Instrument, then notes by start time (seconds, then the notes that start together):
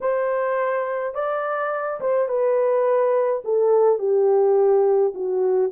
horn
0.00 C5
1.14 D5
2.00 C5
2.28 B4
3.44 A4
3.98 G4
5.14 F#4